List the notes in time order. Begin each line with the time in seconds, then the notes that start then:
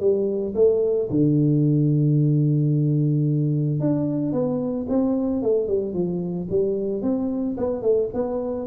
0.00 G3
0.55 A3
1.10 D3
3.80 D4
4.32 B3
4.89 C4
5.43 A3
5.67 G3
5.94 F3
6.50 G3
7.02 C4
7.57 B3
7.82 A3
8.13 B3